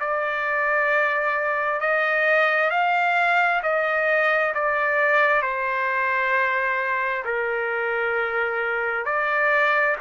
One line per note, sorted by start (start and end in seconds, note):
0.00 1.81 D5
1.81 2.71 D#5
2.71 3.62 F5
3.62 4.53 D#5
4.55 5.42 D5
5.42 7.24 C5
7.25 9.05 A#4
9.05 9.96 D5